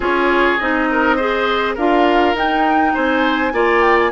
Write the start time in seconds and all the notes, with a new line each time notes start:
0.00 C#4 F4 G#4 C#5
0.58 C4 D#4 D#5
0.91 A#4
1.16 G#4 C5
1.75 D4 F4 A#4 F5
2.34 D#4 G5
2.94 C4 C5 G#5
3.52 A#3 F4 D5
3.82 G5
3.98 G#5